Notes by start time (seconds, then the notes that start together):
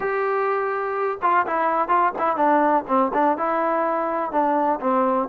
0.00 G4
1.22 F4
1.46 E4
1.88 F4
2.18 E4
2.36 D4
2.87 C4
3.13 D4
3.37 E4
4.31 D4
4.80 C4